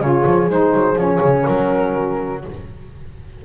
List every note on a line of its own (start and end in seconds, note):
0.00 0.24 C#3
0.00 0.49 F4
0.00 1.47 G#4
0.00 0.50 C#5
0.26 0.49 F3
0.49 0.73 G#3
0.49 0.96 D#4
0.49 0.98 C5
0.73 0.95 F#3
0.95 1.19 F3
0.95 2.42 C#4
0.95 1.47 C#5
1.20 1.45 C#3
1.47 2.44 F#3
1.47 2.45 F#4
1.47 2.43 A#4